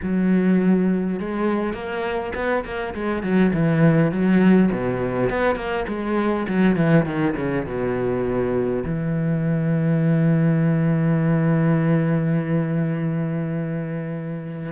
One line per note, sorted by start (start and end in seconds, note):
0.02 1.19 F#3
1.19 1.73 G#3
1.73 2.32 A#3
2.34 2.64 B3
2.64 2.94 A#3
2.94 3.22 G#3
3.22 3.52 F#3
3.53 4.11 E3
4.11 4.70 F#3
4.71 5.30 B2
5.30 5.55 B3
5.55 5.84 A#3
5.87 6.46 G#3
6.48 6.76 F#3
6.76 7.05 E3
7.05 7.34 D#3
7.36 7.66 C#3
7.66 8.83 B2
8.84 14.72 E3